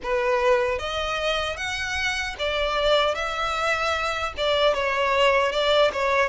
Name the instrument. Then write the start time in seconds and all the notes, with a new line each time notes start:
violin
0.03 B4
0.79 D#5
1.56 F#5
2.38 D5
3.14 E5
4.37 D5
4.74 C#5
5.52 D5
5.92 C#5